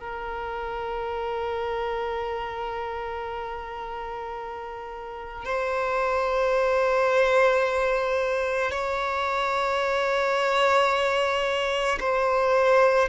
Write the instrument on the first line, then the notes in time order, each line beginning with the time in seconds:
violin
0.00 A#4
5.45 C5
8.71 C#5
12.00 C5